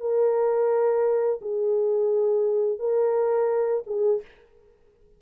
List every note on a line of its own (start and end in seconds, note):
0.00 1.40 A#4
1.41 2.78 G#4
2.78 3.83 A#4
3.86 4.21 G#4